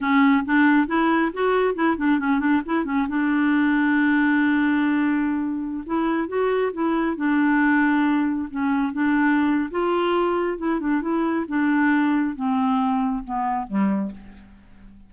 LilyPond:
\new Staff \with { instrumentName = "clarinet" } { \time 4/4 \tempo 4 = 136 cis'4 d'4 e'4 fis'4 | e'8 d'8 cis'8 d'8 e'8 cis'8 d'4~ | d'1~ | d'4~ d'16 e'4 fis'4 e'8.~ |
e'16 d'2. cis'8.~ | cis'16 d'4.~ d'16 f'2 | e'8 d'8 e'4 d'2 | c'2 b4 g4 | }